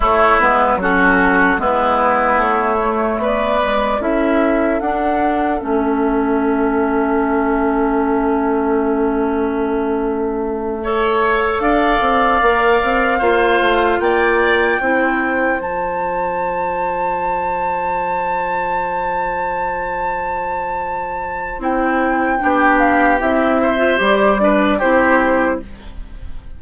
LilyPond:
<<
  \new Staff \with { instrumentName = "flute" } { \time 4/4 \tempo 4 = 75 cis''8 b'8 a'4 b'4 cis''4 | d''4 e''4 fis''4 e''4~ | e''1~ | e''2~ e''8 f''4.~ |
f''4. g''2 a''8~ | a''1~ | a''2. g''4~ | g''8 f''8 e''4 d''4 c''4 | }
  \new Staff \with { instrumentName = "oboe" } { \time 4/4 e'4 fis'4 e'2 | b'4 a'2.~ | a'1~ | a'4. cis''4 d''4.~ |
d''8 c''4 d''4 c''4.~ | c''1~ | c''1 | g'4. c''4 b'8 g'4 | }
  \new Staff \with { instrumentName = "clarinet" } { \time 4/4 a8 b8 cis'4 b4. a8~ | a8 gis8 e'4 d'4 cis'4~ | cis'1~ | cis'4. a'2 ais'8~ |
ais'8 f'2 e'4 f'8~ | f'1~ | f'2. e'4 | d'4 e'8. f'16 g'8 d'8 e'4 | }
  \new Staff \with { instrumentName = "bassoon" } { \time 4/4 a8 gis8 fis4 gis4 a4 | b4 cis'4 d'4 a4~ | a1~ | a2~ a8 d'8 c'8 ais8 |
c'8 ais8 a8 ais4 c'4 f8~ | f1~ | f2. c'4 | b4 c'4 g4 c'4 | }
>>